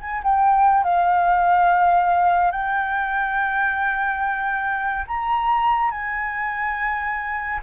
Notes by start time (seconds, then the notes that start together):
0.00 G#5
0.23 G5
0.83 F5
2.51 G5
5.07 A#5
5.91 G#5